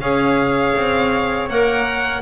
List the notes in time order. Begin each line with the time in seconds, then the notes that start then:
0.00 C#4 G#4 C#5 F5
0.76 C4
1.49 A#3 A#4 F#5